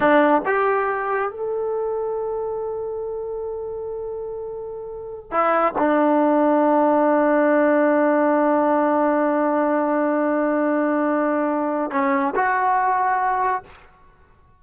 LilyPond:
\new Staff \with { instrumentName = "trombone" } { \time 4/4 \tempo 4 = 141 d'4 g'2 a'4~ | a'1~ | a'1~ | a'8 e'4 d'2~ d'8~ |
d'1~ | d'1~ | d'1 | cis'4 fis'2. | }